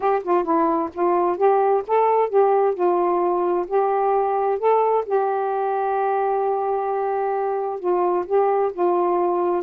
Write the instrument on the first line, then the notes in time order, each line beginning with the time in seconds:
saxophone
0.00 G4
0.23 F4
0.44 E4
0.93 F4
1.37 G4
1.87 A4
2.29 G4
2.74 F4
3.67 G4
4.58 A4
5.05 G4
7.79 F4
8.25 G4
8.72 F4